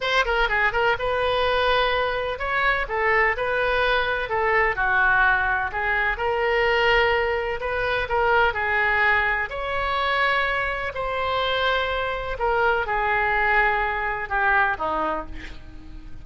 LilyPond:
\new Staff \with { instrumentName = "oboe" } { \time 4/4 \tempo 4 = 126 c''8 ais'8 gis'8 ais'8 b'2~ | b'4 cis''4 a'4 b'4~ | b'4 a'4 fis'2 | gis'4 ais'2. |
b'4 ais'4 gis'2 | cis''2. c''4~ | c''2 ais'4 gis'4~ | gis'2 g'4 dis'4 | }